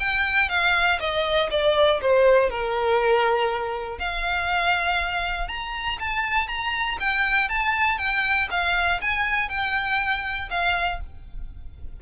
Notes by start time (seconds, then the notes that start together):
0.00 G5
0.49 F5
1.00 D#5
1.51 D5
2.02 C5
2.50 A#4
3.99 F5
5.48 A#5
6.00 A5
6.48 A#5
7.00 G5
7.49 A5
7.98 G5
8.51 F5
9.01 G#5
9.49 G5
10.50 F5